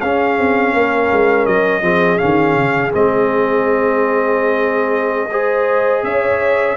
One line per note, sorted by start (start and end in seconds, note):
0.00 0.38 C#4
0.00 1.82 C#4
0.00 0.74 G#4
0.00 1.46 F5
0.38 0.73 C4
0.73 1.10 A#3
0.73 1.83 A#4
1.11 1.46 G#3
1.46 1.82 F#3
1.46 2.18 D#5
1.82 2.18 F3
1.82 2.18 C4
1.82 5.30 G#4
2.18 2.56 D#3
2.18 2.91 C#4
2.18 2.91 F5
2.56 2.93 C#3
2.91 6.03 G#3
2.91 5.29 C4
2.91 6.04 D#5
5.30 6.76 G#4
5.30 6.04 C5
6.03 6.76 C#4
6.03 6.76 C#5
6.03 6.76 E5